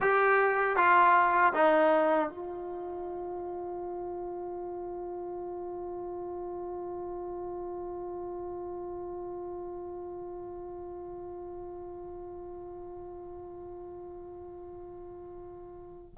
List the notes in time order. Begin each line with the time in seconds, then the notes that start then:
0.00 G4
0.76 F4
1.53 D#4
2.29 F4